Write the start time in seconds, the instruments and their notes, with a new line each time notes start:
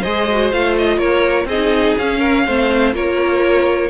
0.00 cello G#3, viola G#4, violin C5 D#5
0.32 viola F#4
0.52 cello A3, viola F4, violin F5
0.78 violin D#5
0.98 cello A#3, violin A#4 C#5
1.44 cello C4, violin G#4 D#5
1.52 viola D#4
1.98 cello C#4, viola C#4, violin F5
2.19 violin A#4
2.46 cello A3, viola C4, violin C5
2.93 cello A#3, viola F4, violin A#4 C#5